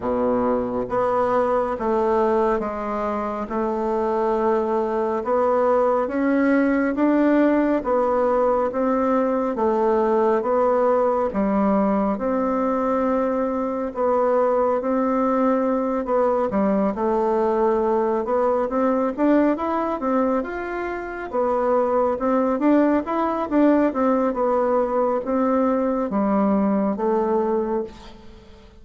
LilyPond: \new Staff \with { instrumentName = "bassoon" } { \time 4/4 \tempo 4 = 69 b,4 b4 a4 gis4 | a2 b4 cis'4 | d'4 b4 c'4 a4 | b4 g4 c'2 |
b4 c'4. b8 g8 a8~ | a4 b8 c'8 d'8 e'8 c'8 f'8~ | f'8 b4 c'8 d'8 e'8 d'8 c'8 | b4 c'4 g4 a4 | }